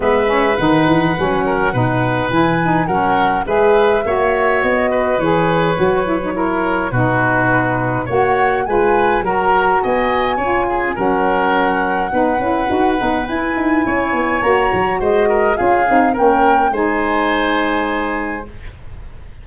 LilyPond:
<<
  \new Staff \with { instrumentName = "flute" } { \time 4/4 \tempo 4 = 104 e''4 fis''2. | gis''4 fis''4 e''2 | dis''4 cis''2. | b'2 fis''4 gis''4 |
ais''4 gis''2 fis''4~ | fis''2. gis''4~ | gis''4 ais''4 dis''4 f''4 | g''4 gis''2. | }
  \new Staff \with { instrumentName = "oboe" } { \time 4/4 b'2~ b'8 ais'8 b'4~ | b'4 ais'4 b'4 cis''4~ | cis''8 b'2~ b'8 ais'4 | fis'2 cis''4 b'4 |
ais'4 dis''4 cis''8 gis'8 ais'4~ | ais'4 b'2. | cis''2 c''8 ais'8 gis'4 | ais'4 c''2. | }
  \new Staff \with { instrumentName = "saxophone" } { \time 4/4 b8 cis'8 dis'4 cis'4 dis'4 | e'8 dis'8 cis'4 gis'4 fis'4~ | fis'4 gis'4 fis'8 e'16 dis'16 e'4 | dis'2 fis'4 f'4 |
fis'2 f'4 cis'4~ | cis'4 dis'8 e'8 fis'8 dis'8 e'4~ | e'4 fis'2 f'8 dis'8 | cis'4 dis'2. | }
  \new Staff \with { instrumentName = "tuba" } { \time 4/4 gis4 dis8 e8 fis4 b,4 | e4 fis4 gis4 ais4 | b4 e4 fis2 | b,2 ais4 gis4 |
fis4 b4 cis'4 fis4~ | fis4 b8 cis'8 dis'8 b8 e'8 dis'8 | cis'8 b8 ais8 fis8 gis4 cis'8 c'8 | ais4 gis2. | }
>>